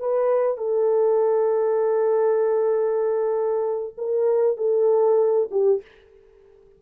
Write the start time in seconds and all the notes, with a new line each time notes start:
0.00 B4
0.57 A4
3.97 A#4
4.57 A4
5.51 G4